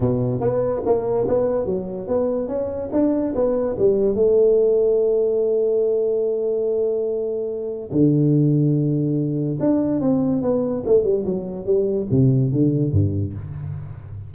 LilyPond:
\new Staff \with { instrumentName = "tuba" } { \time 4/4 \tempo 4 = 144 b,4 b4 ais4 b4 | fis4 b4 cis'4 d'4 | b4 g4 a2~ | a1~ |
a2. d4~ | d2. d'4 | c'4 b4 a8 g8 fis4 | g4 c4 d4 g,4 | }